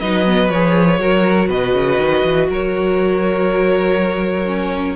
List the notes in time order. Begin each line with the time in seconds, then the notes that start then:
0.00 F#3 D#4 B4 D#5
0.25 B3
0.49 F3 G#4 C#5
0.99 F#3 F#4 A#4
1.48 B2 B4 D#5
1.73 C#3
1.98 D#3
2.24 E3
2.48 F#3 A#4 C#5
4.45 C#4